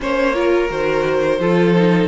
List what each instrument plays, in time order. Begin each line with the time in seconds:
0.00 cello A#3, viola C#4, violin C5 C#5
0.34 viola F4, violin A#4
0.69 cello D#3, viola F#4, violin C5
1.39 cello F3, viola F4, violin A4
1.75 viola D#4